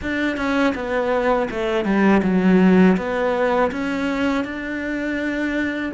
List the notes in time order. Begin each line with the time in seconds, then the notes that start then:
0.02 D4
0.36 C#4
0.74 B3
1.50 A3
1.84 G3
2.22 F#3
2.97 B3
3.71 C#4
4.44 D4